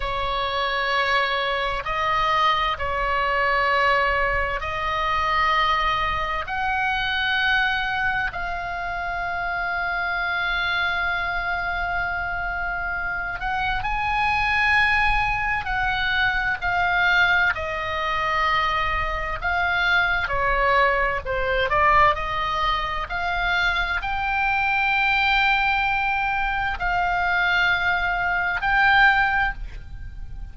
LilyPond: \new Staff \with { instrumentName = "oboe" } { \time 4/4 \tempo 4 = 65 cis''2 dis''4 cis''4~ | cis''4 dis''2 fis''4~ | fis''4 f''2.~ | f''2~ f''8 fis''8 gis''4~ |
gis''4 fis''4 f''4 dis''4~ | dis''4 f''4 cis''4 c''8 d''8 | dis''4 f''4 g''2~ | g''4 f''2 g''4 | }